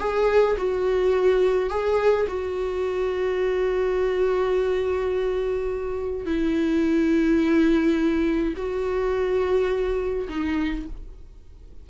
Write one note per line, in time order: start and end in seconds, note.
0.00 0.57 G#4
0.58 1.70 F#4
1.70 2.27 G#4
2.28 6.26 F#4
6.26 8.55 E4
8.57 10.28 F#4
10.30 10.87 D#4